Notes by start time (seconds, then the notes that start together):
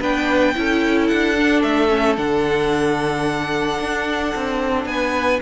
0.00 B3 D4 B4 G5
0.55 C#4 E4 A4
1.07 D4 F#5
1.36 D4
1.62 A3 E5
1.89 C#4
2.17 D3 D4 F#5
3.79 D4
4.35 C4
4.85 B3 B4 G#5